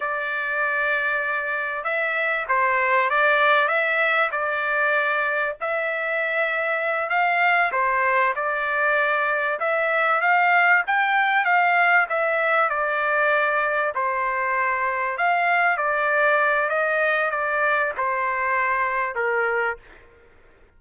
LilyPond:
\new Staff \with { instrumentName = "trumpet" } { \time 4/4 \tempo 4 = 97 d''2. e''4 | c''4 d''4 e''4 d''4~ | d''4 e''2~ e''8 f''8~ | f''8 c''4 d''2 e''8~ |
e''8 f''4 g''4 f''4 e''8~ | e''8 d''2 c''4.~ | c''8 f''4 d''4. dis''4 | d''4 c''2 ais'4 | }